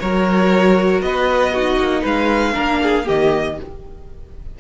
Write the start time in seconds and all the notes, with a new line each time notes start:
0.00 F#3 F#4 A#4 C#5
1.01 B3 B4 D#5
1.53 D#4 F#4
1.78 A#3
2.02 G#3 B4 F5
2.54 A#3 D4 A#4
2.83 G#4
3.05 D#3 A#3 G4 D#5